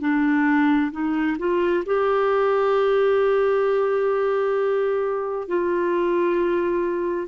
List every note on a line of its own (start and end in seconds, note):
0.00 0.91 D4
0.91 1.37 D#4
1.38 1.83 F4
1.86 5.48 G4
5.48 7.27 F4